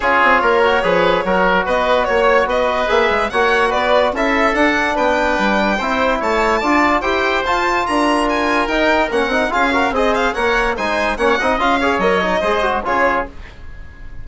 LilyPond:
<<
  \new Staff \with { instrumentName = "violin" } { \time 4/4 \tempo 4 = 145 cis''1 | dis''4 cis''4 dis''4 e''4 | fis''4 d''4 e''4 fis''4 | g''2. a''4~ |
a''4 g''4 a''4 ais''4 | gis''4 g''4 fis''4 f''4 | dis''8 f''8 fis''4 gis''4 fis''4 | f''4 dis''2 cis''4 | }
  \new Staff \with { instrumentName = "oboe" } { \time 4/4 gis'4 ais'4 b'4 ais'4 | b'4 cis''4 b'2 | cis''4 b'4 a'2 | b'2 c''4 cis''4 |
d''4 c''2 ais'4~ | ais'2. gis'8 ais'8 | c''4 cis''4 c''4 cis''8 dis''8~ | dis''8 cis''4. c''4 gis'4 | }
  \new Staff \with { instrumentName = "trombone" } { \time 4/4 f'4. fis'8 gis'4 fis'4~ | fis'2. gis'4 | fis'2 e'4 d'4~ | d'2 e'2 |
f'4 g'4 f'2~ | f'4 dis'4 cis'8 dis'8 f'8 fis'8 | gis'4 ais'4 dis'4 cis'8 dis'8 | f'8 gis'8 ais'8 dis'8 gis'8 fis'8 f'4 | }
  \new Staff \with { instrumentName = "bassoon" } { \time 4/4 cis'8 c'8 ais4 f4 fis4 | b4 ais4 b4 ais8 gis8 | ais4 b4 cis'4 d'4 | b4 g4 c'4 a4 |
d'4 e'4 f'4 d'4~ | d'4 dis'4 ais8 c'8 cis'4 | c'4 ais4 gis4 ais8 c'8 | cis'4 fis4 gis4 cis4 | }
>>